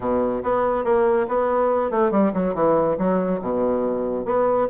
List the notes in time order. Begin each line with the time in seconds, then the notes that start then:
0.00 B2
0.43 B3
0.84 A#3
1.28 B3
1.91 A3
2.11 G3
2.33 F#3
2.54 E3
2.98 F#3
3.41 B2
4.25 B3